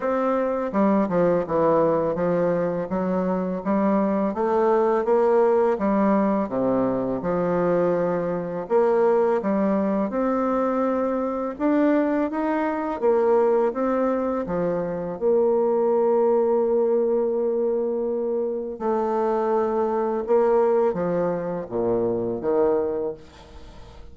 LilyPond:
\new Staff \with { instrumentName = "bassoon" } { \time 4/4 \tempo 4 = 83 c'4 g8 f8 e4 f4 | fis4 g4 a4 ais4 | g4 c4 f2 | ais4 g4 c'2 |
d'4 dis'4 ais4 c'4 | f4 ais2.~ | ais2 a2 | ais4 f4 ais,4 dis4 | }